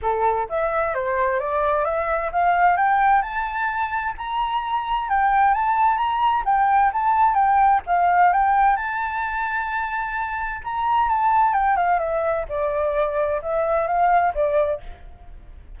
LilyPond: \new Staff \with { instrumentName = "flute" } { \time 4/4 \tempo 4 = 130 a'4 e''4 c''4 d''4 | e''4 f''4 g''4 a''4~ | a''4 ais''2 g''4 | a''4 ais''4 g''4 a''4 |
g''4 f''4 g''4 a''4~ | a''2. ais''4 | a''4 g''8 f''8 e''4 d''4~ | d''4 e''4 f''4 d''4 | }